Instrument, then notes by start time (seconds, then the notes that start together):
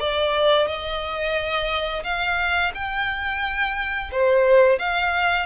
violin
0.00 D5
0.67 D#5
2.04 F5
2.75 G5
4.12 C5
4.79 F5